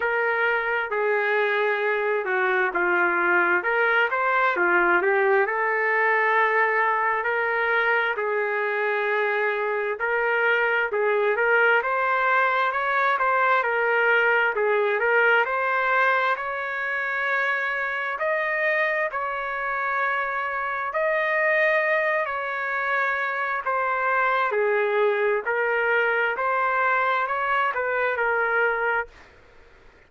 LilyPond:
\new Staff \with { instrumentName = "trumpet" } { \time 4/4 \tempo 4 = 66 ais'4 gis'4. fis'8 f'4 | ais'8 c''8 f'8 g'8 a'2 | ais'4 gis'2 ais'4 | gis'8 ais'8 c''4 cis''8 c''8 ais'4 |
gis'8 ais'8 c''4 cis''2 | dis''4 cis''2 dis''4~ | dis''8 cis''4. c''4 gis'4 | ais'4 c''4 cis''8 b'8 ais'4 | }